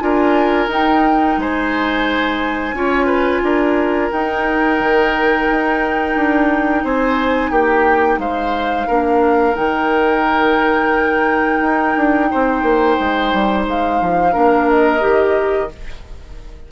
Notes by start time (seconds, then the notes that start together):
0.00 D4 F4 A#4 G#5
0.67 D#4 G5
1.37 G#3 C5 G#5
2.73 C#4 F4 C#5
3.06 B4
3.42 D4 A#4
4.11 D#4 G5
4.79 D#3
5.51 D#4
6.15 D4
6.84 C4 C5 G#5
7.50 A#3 G4 G5
8.18 G#3 C5 F5
8.87 A#3 D4 A#4
9.53 D#3 D#4 G5
11.61 D#4
11.96 D4
12.31 C4 C5
12.62 A#3
13.00 G#3
13.33 G3
13.67 G#3 F5
14.01 F3
14.32 A#3 D4 A#4
14.69 D#5
14.99 D#3 G4